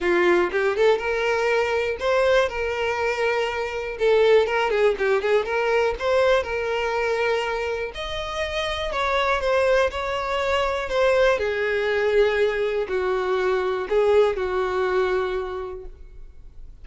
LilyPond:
\new Staff \with { instrumentName = "violin" } { \time 4/4 \tempo 4 = 121 f'4 g'8 a'8 ais'2 | c''4 ais'2. | a'4 ais'8 gis'8 g'8 gis'8 ais'4 | c''4 ais'2. |
dis''2 cis''4 c''4 | cis''2 c''4 gis'4~ | gis'2 fis'2 | gis'4 fis'2. | }